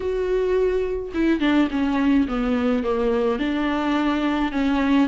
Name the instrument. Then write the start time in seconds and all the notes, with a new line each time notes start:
viola
0.00 F#4
1.14 E4
1.40 D4
1.71 C#4
2.27 B3
2.83 A#3
3.39 D4
4.52 C#4